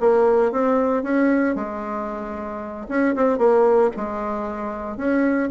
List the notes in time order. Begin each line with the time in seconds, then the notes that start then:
0.00 A#3
0.52 C4
1.03 C#4
1.55 G#3
2.89 C#4
3.16 C4
3.38 A#3
3.96 G#3
4.97 C#4